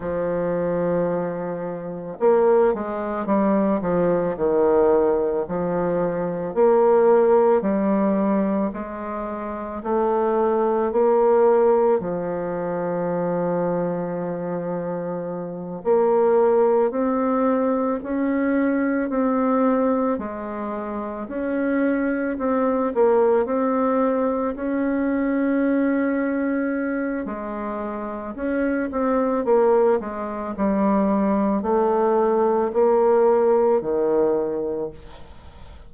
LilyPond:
\new Staff \with { instrumentName = "bassoon" } { \time 4/4 \tempo 4 = 55 f2 ais8 gis8 g8 f8 | dis4 f4 ais4 g4 | gis4 a4 ais4 f4~ | f2~ f8 ais4 c'8~ |
c'8 cis'4 c'4 gis4 cis'8~ | cis'8 c'8 ais8 c'4 cis'4.~ | cis'4 gis4 cis'8 c'8 ais8 gis8 | g4 a4 ais4 dis4 | }